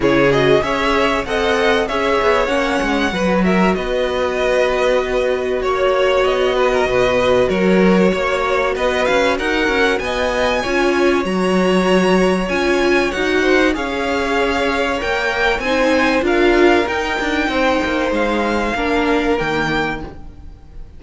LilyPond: <<
  \new Staff \with { instrumentName = "violin" } { \time 4/4 \tempo 4 = 96 cis''8 dis''8 e''4 fis''4 e''4 | fis''4. e''8 dis''2~ | dis''4 cis''4 dis''2 | cis''2 dis''8 f''8 fis''4 |
gis''2 ais''2 | gis''4 fis''4 f''2 | g''4 gis''4 f''4 g''4~ | g''4 f''2 g''4 | }
  \new Staff \with { instrumentName = "violin" } { \time 4/4 gis'4 cis''4 dis''4 cis''4~ | cis''4 b'8 ais'8 b'2~ | b'4 cis''4. b'16 ais'16 b'4 | ais'4 cis''4 b'4 ais'4 |
dis''4 cis''2.~ | cis''4. c''8 cis''2~ | cis''4 c''4 ais'2 | c''2 ais'2 | }
  \new Staff \with { instrumentName = "viola" } { \time 4/4 e'8 fis'8 gis'4 a'4 gis'4 | cis'4 fis'2.~ | fis'1~ | fis'1~ |
fis'4 f'4 fis'2 | f'4 fis'4 gis'2 | ais'4 dis'4 f'4 dis'4~ | dis'2 d'4 ais4 | }
  \new Staff \with { instrumentName = "cello" } { \time 4/4 cis4 cis'4 c'4 cis'8 b8 | ais8 gis8 fis4 b2~ | b4 ais4 b4 b,4 | fis4 ais4 b8 cis'8 dis'8 cis'8 |
b4 cis'4 fis2 | cis'4 dis'4 cis'2 | ais4 c'4 d'4 dis'8 d'8 | c'8 ais8 gis4 ais4 dis4 | }
>>